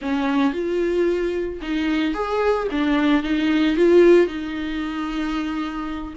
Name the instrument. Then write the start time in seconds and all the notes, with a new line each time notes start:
viola
0.01 C#4
0.53 F4
1.61 D#4
2.14 G#4
2.71 D4
3.23 D#4
3.76 F4
4.26 D#4